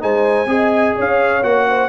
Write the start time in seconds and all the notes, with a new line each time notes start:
0.00 G#3 D#4 C5 G#5
0.47 C4 G#4 D#5
0.96 C#4 C#5 F5
1.43 A#3 F#4 F#5
1.69 C5